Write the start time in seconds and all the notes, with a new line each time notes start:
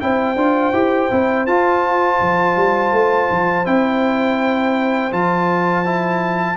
0.00 C4 E4 C5 G5
0.36 D4 F4
0.73 E4 G4
1.11 C4 E4
1.46 F4 A5
2.21 F3
2.57 G3
2.93 A3
3.31 F3
3.65 C4 E4 G5
5.12 F3 F4 A5
5.86 E4